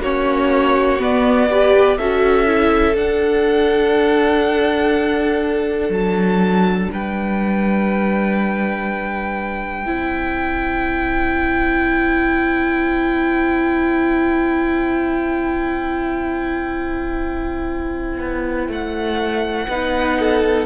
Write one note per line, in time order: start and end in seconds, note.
0.00 0.98 A#3
0.00 0.99 C#4
0.00 1.49 F#4
0.00 1.01 C#5
0.99 1.49 B3
0.99 1.99 B3
0.99 1.98 D5
1.49 1.98 G4
1.49 1.98 B4
1.98 2.96 C#4
1.98 2.47 F#4
1.98 6.90 A4
1.98 2.96 E5
2.47 2.95 E4
2.95 9.84 D4
2.95 5.90 D4
2.95 5.92 F#5
5.90 6.88 F#3
5.90 6.90 A5
6.91 9.85 G3
6.91 9.87 B4
6.91 18.71 G5
9.85 18.20 C4
9.85 19.69 E4
9.85 19.69 C5
18.20 18.69 B3
18.69 19.67 A3
18.69 20.65 F#5
19.68 20.65 B3
19.68 20.65 D#4
19.68 20.18 B4
20.19 20.65 A4